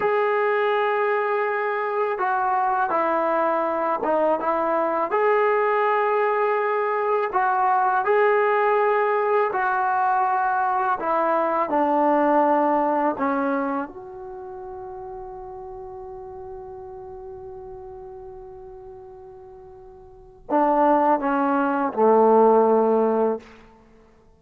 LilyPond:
\new Staff \with { instrumentName = "trombone" } { \time 4/4 \tempo 4 = 82 gis'2. fis'4 | e'4. dis'8 e'4 gis'4~ | gis'2 fis'4 gis'4~ | gis'4 fis'2 e'4 |
d'2 cis'4 fis'4~ | fis'1~ | fis'1 | d'4 cis'4 a2 | }